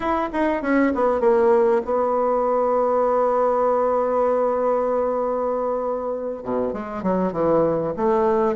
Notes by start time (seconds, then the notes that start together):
0.00 E4
0.32 D#4
0.62 C#4
0.95 B3
1.20 A#3
1.85 B3
6.43 B2
6.73 G#3
7.02 F#3
7.32 E3
7.96 A3